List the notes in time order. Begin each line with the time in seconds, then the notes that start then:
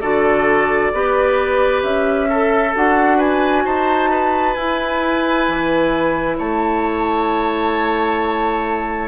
0.00 D3 F#4 A4 D5
0.92 B3 G4 B4
1.82 C#4 E5
2.29 A4
2.74 D4 F#4 F#5
3.17 B4 G#5
3.65 D#4 C5 A5
4.10 B4
4.53 E4 G#5
5.48 E3
6.37 A3 C#5 A5